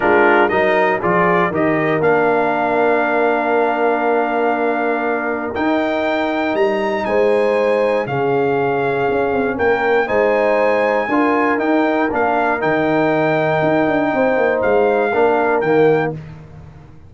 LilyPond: <<
  \new Staff \with { instrumentName = "trumpet" } { \time 4/4 \tempo 4 = 119 ais'4 dis''4 d''4 dis''4 | f''1~ | f''2. g''4~ | g''4 ais''4 gis''2 |
f''2. g''4 | gis''2. g''4 | f''4 g''2.~ | g''4 f''2 g''4 | }
  \new Staff \with { instrumentName = "horn" } { \time 4/4 f'4 ais'4 gis'4 ais'4~ | ais'1~ | ais'1~ | ais'2 c''2 |
gis'2. ais'4 | c''2 ais'2~ | ais'1 | c''2 ais'2 | }
  \new Staff \with { instrumentName = "trombone" } { \time 4/4 d'4 dis'4 f'4 g'4 | d'1~ | d'2. dis'4~ | dis'1 |
cis'1 | dis'2 f'4 dis'4 | d'4 dis'2.~ | dis'2 d'4 ais4 | }
  \new Staff \with { instrumentName = "tuba" } { \time 4/4 gis4 fis4 f4 dis4 | ais1~ | ais2. dis'4~ | dis'4 g4 gis2 |
cis2 cis'8 c'8 ais4 | gis2 d'4 dis'4 | ais4 dis2 dis'8 d'8 | c'8 ais8 gis4 ais4 dis4 | }
>>